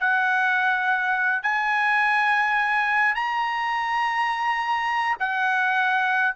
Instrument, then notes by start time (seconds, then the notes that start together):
trumpet
0.00 F#5
1.43 G#5
3.15 A#5
5.20 F#5